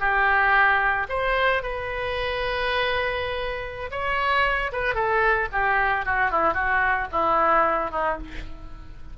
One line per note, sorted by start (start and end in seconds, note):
0.00 1.07 G4
1.09 1.63 C5
1.63 3.91 B4
3.91 4.72 C#5
4.73 4.95 B4
4.95 5.49 A4
5.53 6.06 G4
6.06 6.31 F#4
6.31 6.54 E4
6.54 7.08 F#4
7.12 7.91 E4
7.91 8.18 D#4